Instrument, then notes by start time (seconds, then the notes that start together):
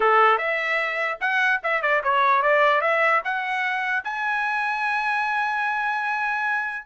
trumpet
0.00 A4
0.38 E5
1.20 F#5
1.63 E5
1.82 D5
2.03 C#5
2.42 D5
2.81 E5
3.24 F#5
4.04 G#5